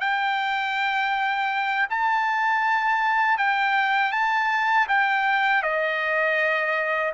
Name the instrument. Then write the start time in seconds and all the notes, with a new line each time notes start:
trumpet
0.00 G5
1.90 A5
3.38 G5
4.12 A5
4.88 G5
5.62 D#5